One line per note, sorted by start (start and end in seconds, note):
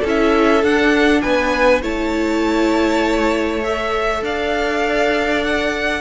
0.00 0.63 C#4
0.00 0.63 E4
0.00 1.20 A4
0.08 0.64 E5
0.63 1.83 D4
0.63 1.23 D4
0.63 1.22 F#5
1.22 1.82 B3
1.22 1.82 B4
1.22 1.81 G#5
1.82 4.22 A3
1.82 3.63 E4
1.82 4.22 C#5
1.82 3.63 A5
3.63 6.00 A4
3.63 4.23 E5
4.22 6.00 D4
4.22 6.00 D5
4.22 5.44 F5
5.44 6.00 F#5